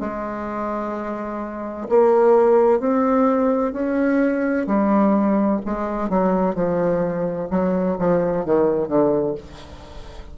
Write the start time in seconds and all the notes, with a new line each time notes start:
0.00 G#3
1.89 A#3
2.80 C4
3.73 C#4
4.67 G3
5.65 G#3
6.09 F#3
6.55 F3
7.50 F#3
7.99 F3
8.45 D#3
8.88 D3